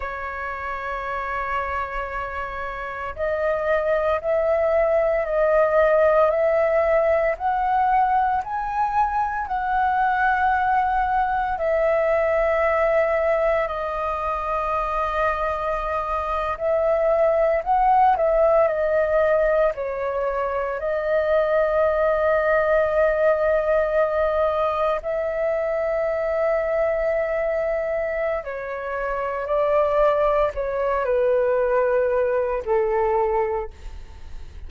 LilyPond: \new Staff \with { instrumentName = "flute" } { \time 4/4 \tempo 4 = 57 cis''2. dis''4 | e''4 dis''4 e''4 fis''4 | gis''4 fis''2 e''4~ | e''4 dis''2~ dis''8. e''16~ |
e''8. fis''8 e''8 dis''4 cis''4 dis''16~ | dis''2.~ dis''8. e''16~ | e''2. cis''4 | d''4 cis''8 b'4. a'4 | }